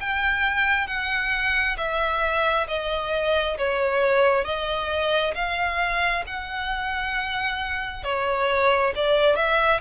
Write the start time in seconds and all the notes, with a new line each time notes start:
0.00 G5
0.87 F#5
1.77 E5
2.68 D#5
3.58 C#5
4.45 D#5
5.34 F5
6.27 F#5
8.04 C#5
8.95 D5
9.36 E5